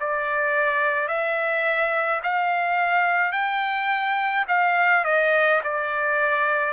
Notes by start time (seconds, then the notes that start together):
0.00 D5
1.08 E5
2.23 F5
3.32 G5
4.48 F5
5.05 D#5
5.63 D5